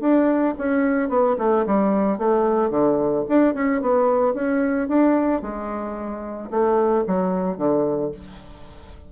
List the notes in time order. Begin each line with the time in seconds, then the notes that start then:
0.00 D4
0.58 C#4
1.09 B3
1.38 A3
1.66 G3
2.18 A3
2.70 D3
3.29 D4
3.54 C#4
3.82 B3
4.34 C#4
4.88 D4
5.42 G#3
6.51 A3
7.07 F#3
7.57 D3